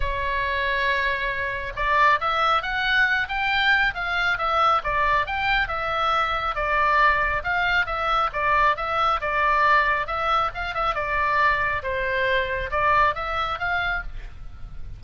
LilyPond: \new Staff \with { instrumentName = "oboe" } { \time 4/4 \tempo 4 = 137 cis''1 | d''4 e''4 fis''4. g''8~ | g''4 f''4 e''4 d''4 | g''4 e''2 d''4~ |
d''4 f''4 e''4 d''4 | e''4 d''2 e''4 | f''8 e''8 d''2 c''4~ | c''4 d''4 e''4 f''4 | }